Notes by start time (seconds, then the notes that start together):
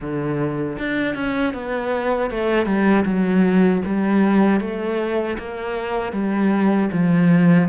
0.00 D3
0.78 D4
1.15 C#4
1.53 B3
2.30 A3
2.66 G3
3.05 F#3
3.85 G3
4.60 A3
5.38 A#3
6.12 G3
6.92 F3